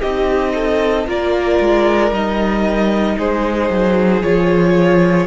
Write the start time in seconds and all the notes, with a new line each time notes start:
0.00 C4 D#4 G4 D#5
0.54 A4
1.06 A#3 F4 A#4 D5
1.60 G#3
2.11 G3 D#4 D#5
3.17 G#3 G#4 C5
3.69 F#3
4.22 F3 F4 C#5